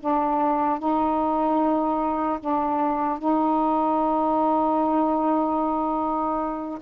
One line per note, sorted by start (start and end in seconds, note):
0.00 0.79 D4
0.79 2.39 D#4
2.40 3.19 D4
3.19 6.79 D#4